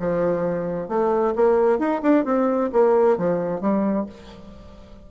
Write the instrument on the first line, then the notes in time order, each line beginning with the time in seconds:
bassoon
0.00 F3
0.89 A3
1.36 A#3
1.79 D#4
2.03 D4
2.25 C4
2.73 A#3
3.18 F3
3.61 G3